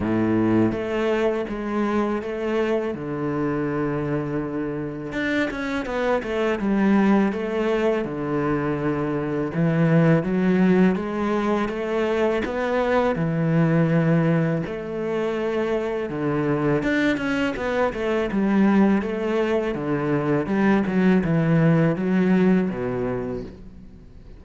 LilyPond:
\new Staff \with { instrumentName = "cello" } { \time 4/4 \tempo 4 = 82 a,4 a4 gis4 a4 | d2. d'8 cis'8 | b8 a8 g4 a4 d4~ | d4 e4 fis4 gis4 |
a4 b4 e2 | a2 d4 d'8 cis'8 | b8 a8 g4 a4 d4 | g8 fis8 e4 fis4 b,4 | }